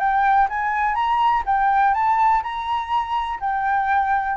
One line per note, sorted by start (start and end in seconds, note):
0.00 0.48 G5
0.49 0.95 G#5
0.95 1.43 A#5
1.46 1.94 G5
1.94 2.43 A5
2.43 3.40 A#5
3.40 4.37 G5